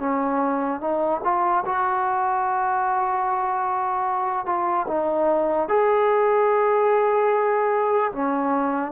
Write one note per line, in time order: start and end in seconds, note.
0.00 0.81 C#4
0.81 1.22 D#4
1.24 1.65 F4
1.66 4.46 F#4
4.46 4.87 F4
4.88 5.69 D#4
5.69 8.12 G#4
8.13 8.92 C#4